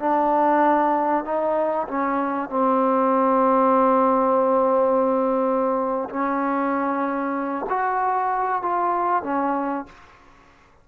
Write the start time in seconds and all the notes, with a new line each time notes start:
0.00 D4
1.25 D#4
1.88 C#4
2.50 C4
6.10 C#4
7.70 F#4
8.63 F4
9.24 C#4